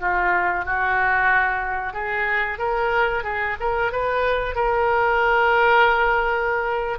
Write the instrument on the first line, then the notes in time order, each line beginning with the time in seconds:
oboe
0.00 F4
0.65 F#4
1.93 G#4
2.58 A#4
3.24 G#4
3.60 A#4
3.92 B4
4.55 A#4